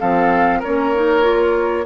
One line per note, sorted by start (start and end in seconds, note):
0.00 0.64 F3
0.00 0.64 C4
0.00 0.60 A4
0.00 0.62 F5
0.60 0.95 C#4
0.60 1.85 A#4
0.60 1.86 C#5
0.66 1.86 A#3
0.95 1.22 D#4
1.22 1.85 F4